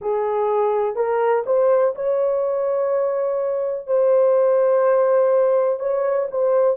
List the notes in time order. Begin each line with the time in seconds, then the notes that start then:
0.00 G#4
0.95 A#4
1.46 C5
1.95 C#5
3.87 C5
5.79 C#5
6.30 C5